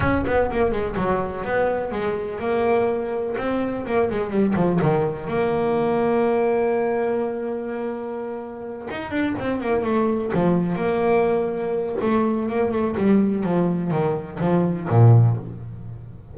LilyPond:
\new Staff \with { instrumentName = "double bass" } { \time 4/4 \tempo 4 = 125 cis'8 b8 ais8 gis8 fis4 b4 | gis4 ais2 c'4 | ais8 gis8 g8 f8 dis4 ais4~ | ais1~ |
ais2~ ais8 dis'8 d'8 c'8 | ais8 a4 f4 ais4.~ | ais4 a4 ais8 a8 g4 | f4 dis4 f4 ais,4 | }